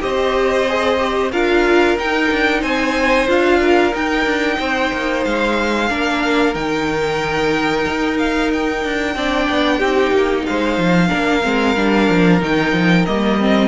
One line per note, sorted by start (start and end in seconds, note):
0.00 1.32 C4
0.00 0.65 G4
0.00 1.32 C5
0.00 1.32 D#5
0.68 0.99 G#4
0.99 1.31 G4
1.32 1.97 D4
1.32 1.98 F4
1.32 2.61 A#4
1.32 1.97 F5
1.98 2.30 D#4
1.98 3.27 D#4
1.98 2.62 G5
2.31 2.62 D4
2.61 3.28 C4
2.61 3.59 C5
2.61 3.28 G#5
3.27 3.93 D4
3.27 3.92 F4
3.27 3.95 F5
3.60 4.58 A#4
3.92 5.87 D#4
3.92 4.25 D#4
3.92 5.24 G5
4.25 4.58 D4
4.59 4.92 C4
4.59 5.89 C5
4.93 5.25 A#3
5.24 5.90 G#3
5.24 6.54 F5
5.89 6.55 A#3
5.89 6.54 D4
5.89 9.15 A#4
6.54 7.85 D#3
6.54 9.15 D#4
6.54 8.18 G5
7.87 8.85 D#4
8.18 8.51 F5
8.53 10.46 G5
8.85 9.15 D4
9.15 9.48 C4
9.15 9.81 D4
9.15 9.78 D5
9.49 9.81 B3
9.78 10.11 C4
9.78 11.09 D#4
9.78 10.43 G4
10.11 10.44 A#3
10.46 10.78 G#3
10.46 11.08 C5
10.46 12.41 F5
10.78 11.11 F3
11.08 11.45 A#3
11.08 11.41 D4
11.08 13.68 A#4
11.43 11.76 G#3
11.43 11.75 C4
11.76 12.09 G3
11.76 12.40 D4
12.09 12.42 F3
12.40 12.73 D#3
12.40 13.06 D#4
12.40 13.06 G5
12.73 13.05 F3
13.06 13.68 G3
13.06 13.40 A#3
13.06 13.68 D#5
13.40 13.68 C4